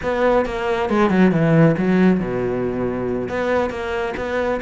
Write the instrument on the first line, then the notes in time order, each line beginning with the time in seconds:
cello
0.03 B3
0.45 A#3
0.89 G#3
1.09 F#3
1.31 E3
1.77 F#3
2.20 B2
3.28 B3
3.70 A#3
4.16 B3